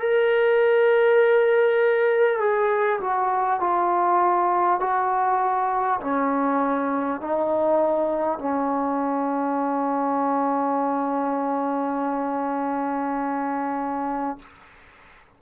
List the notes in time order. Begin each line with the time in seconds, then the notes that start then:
0.00 A#4
2.39 G#4
3.01 F#4
3.60 F4
4.81 F#4
6.01 C#4
7.21 D#4
8.39 C#4